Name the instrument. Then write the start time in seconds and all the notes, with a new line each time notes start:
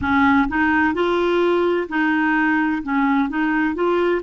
clarinet
0.01 C#4
0.48 D#4
0.94 F4
1.88 D#4
2.82 C#4
3.29 D#4
3.75 F4